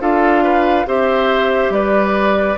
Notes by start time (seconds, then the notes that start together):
0.00 D4 F4 A4 F5
0.44 B4
0.86 C4 G4 C5 E5
1.70 G3 B4 D5